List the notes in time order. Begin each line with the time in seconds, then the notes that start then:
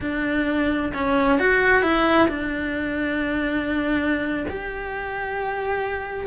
0.00 D4
0.93 C#4
1.39 F#4
1.82 E4
2.28 D4
4.48 G4